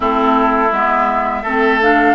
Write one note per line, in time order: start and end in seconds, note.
0.00 0.70 A3
0.00 0.69 C4
0.00 1.42 E4
0.00 0.72 A4
0.71 1.44 G#3
0.71 1.44 B3
0.71 1.80 E5
1.42 2.14 A3
1.42 1.81 C4
1.42 2.14 A4
1.81 2.14 D4
1.81 2.14 F5